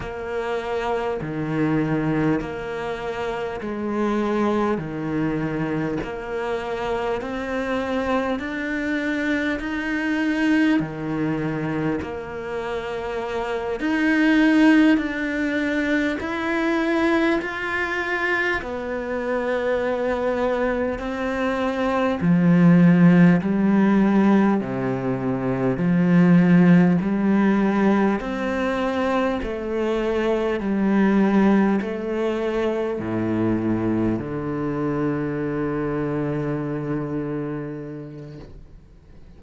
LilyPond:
\new Staff \with { instrumentName = "cello" } { \time 4/4 \tempo 4 = 50 ais4 dis4 ais4 gis4 | dis4 ais4 c'4 d'4 | dis'4 dis4 ais4. dis'8~ | dis'8 d'4 e'4 f'4 b8~ |
b4. c'4 f4 g8~ | g8 c4 f4 g4 c'8~ | c'8 a4 g4 a4 a,8~ | a,8 d2.~ d8 | }